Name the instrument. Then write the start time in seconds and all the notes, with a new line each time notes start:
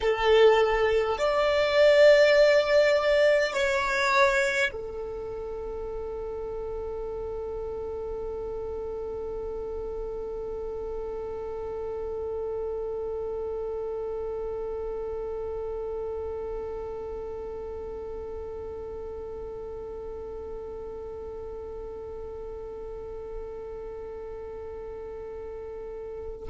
violin
0.00 A4
1.18 D5
3.53 C#5
4.72 A4